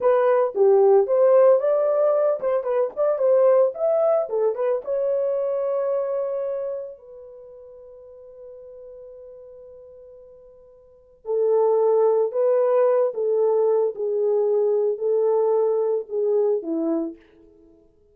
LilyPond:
\new Staff \with { instrumentName = "horn" } { \time 4/4 \tempo 4 = 112 b'4 g'4 c''4 d''4~ | d''8 c''8 b'8 d''8 c''4 e''4 | a'8 b'8 cis''2.~ | cis''4 b'2.~ |
b'1~ | b'4 a'2 b'4~ | b'8 a'4. gis'2 | a'2 gis'4 e'4 | }